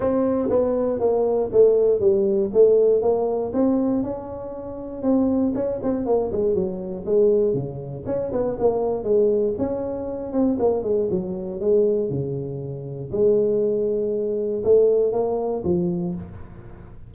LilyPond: \new Staff \with { instrumentName = "tuba" } { \time 4/4 \tempo 4 = 119 c'4 b4 ais4 a4 | g4 a4 ais4 c'4 | cis'2 c'4 cis'8 c'8 | ais8 gis8 fis4 gis4 cis4 |
cis'8 b8 ais4 gis4 cis'4~ | cis'8 c'8 ais8 gis8 fis4 gis4 | cis2 gis2~ | gis4 a4 ais4 f4 | }